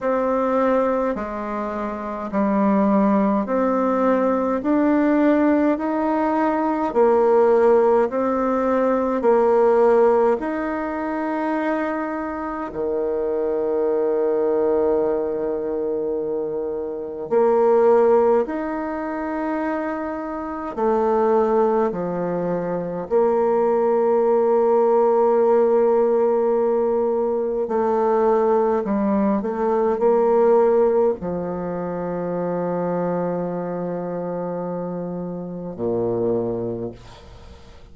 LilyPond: \new Staff \with { instrumentName = "bassoon" } { \time 4/4 \tempo 4 = 52 c'4 gis4 g4 c'4 | d'4 dis'4 ais4 c'4 | ais4 dis'2 dis4~ | dis2. ais4 |
dis'2 a4 f4 | ais1 | a4 g8 a8 ais4 f4~ | f2. ais,4 | }